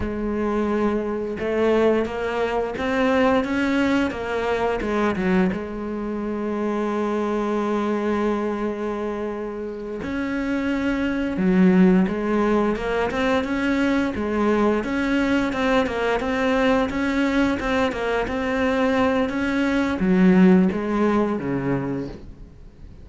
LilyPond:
\new Staff \with { instrumentName = "cello" } { \time 4/4 \tempo 4 = 87 gis2 a4 ais4 | c'4 cis'4 ais4 gis8 fis8 | gis1~ | gis2~ gis8 cis'4.~ |
cis'8 fis4 gis4 ais8 c'8 cis'8~ | cis'8 gis4 cis'4 c'8 ais8 c'8~ | c'8 cis'4 c'8 ais8 c'4. | cis'4 fis4 gis4 cis4 | }